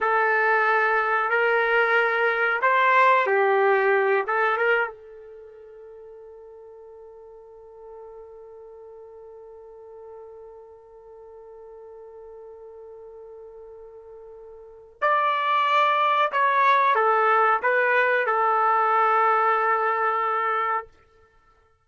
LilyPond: \new Staff \with { instrumentName = "trumpet" } { \time 4/4 \tempo 4 = 92 a'2 ais'2 | c''4 g'4. a'8 ais'8 a'8~ | a'1~ | a'1~ |
a'1~ | a'2. d''4~ | d''4 cis''4 a'4 b'4 | a'1 | }